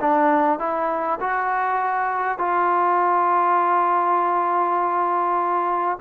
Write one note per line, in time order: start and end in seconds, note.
0.00 0.59 D4
0.59 1.19 E4
1.20 2.38 F#4
2.38 5.98 F4